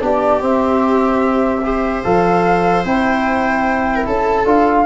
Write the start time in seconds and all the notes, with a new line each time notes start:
0.00 B3 D4 G4 D5
0.40 C4 E5
1.64 G4 C5
2.03 F3 A4 F5
2.84 C4 E4 G5
3.96 A#4
4.06 C#4 A4 A5
4.45 D4 F4 F5